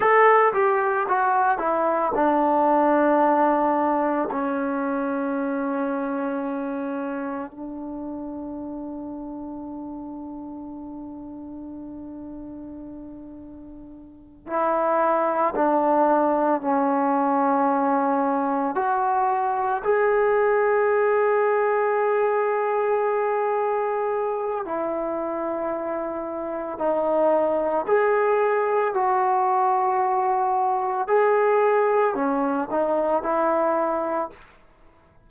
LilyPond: \new Staff \with { instrumentName = "trombone" } { \time 4/4 \tempo 4 = 56 a'8 g'8 fis'8 e'8 d'2 | cis'2. d'4~ | d'1~ | d'4. e'4 d'4 cis'8~ |
cis'4. fis'4 gis'4.~ | gis'2. e'4~ | e'4 dis'4 gis'4 fis'4~ | fis'4 gis'4 cis'8 dis'8 e'4 | }